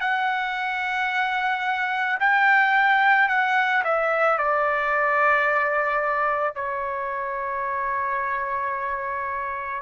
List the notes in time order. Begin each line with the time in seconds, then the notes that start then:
0.00 F#5
2.19 G5
3.28 F#5
3.84 E5
4.38 D5
6.55 C#5